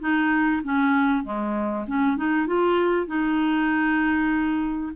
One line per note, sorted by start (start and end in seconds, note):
0.00 0.62 D#4
0.64 1.24 C#4
1.24 1.86 G#3
1.87 2.17 C#4
2.17 2.47 D#4
2.47 3.07 F4
3.07 4.93 D#4